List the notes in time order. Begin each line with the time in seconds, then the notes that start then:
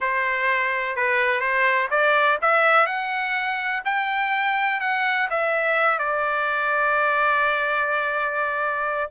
0.00 C5
0.96 B4
1.40 C5
1.90 D5
2.41 E5
2.86 F#5
3.84 G5
4.80 F#5
5.30 E5
5.98 D5